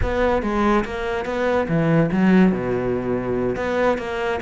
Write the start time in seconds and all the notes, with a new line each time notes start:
0.02 B3
0.42 G#3
0.84 A#3
1.25 B3
1.68 E3
2.11 F#3
2.52 B2
3.55 B3
3.98 A#3